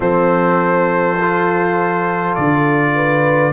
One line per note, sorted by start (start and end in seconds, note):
0.00 2.35 F3
0.00 1.17 C4
0.00 2.90 A4
0.00 2.35 C5
1.21 3.52 F4
2.35 3.52 D3
2.35 3.52 D5
2.95 3.52 B4